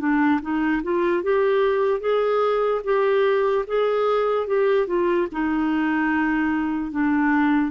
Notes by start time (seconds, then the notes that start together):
0.00 D4
0.42 D#4
0.83 F4
1.23 G4
2.01 G#4
2.85 G4
3.67 G#4
4.47 G4
4.88 F4
5.32 D#4
6.92 D4